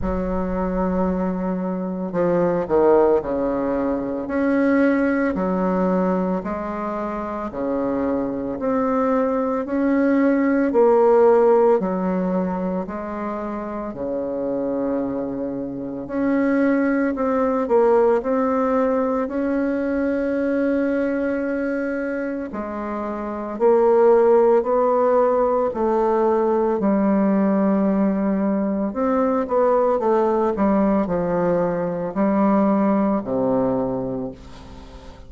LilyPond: \new Staff \with { instrumentName = "bassoon" } { \time 4/4 \tempo 4 = 56 fis2 f8 dis8 cis4 | cis'4 fis4 gis4 cis4 | c'4 cis'4 ais4 fis4 | gis4 cis2 cis'4 |
c'8 ais8 c'4 cis'2~ | cis'4 gis4 ais4 b4 | a4 g2 c'8 b8 | a8 g8 f4 g4 c4 | }